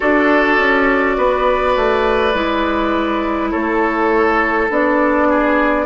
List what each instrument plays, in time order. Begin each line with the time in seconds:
0.00 bassoon D4, clarinet F#4, oboe A4, flute D5
0.58 bassoon C#4
1.17 bassoon B3, oboe B4
1.76 bassoon A3
2.34 bassoon G#3, clarinet E4
3.50 bassoon A3, oboe A4, flute C#5
4.69 bassoon B3, clarinet D4, flute D5
5.29 oboe G#4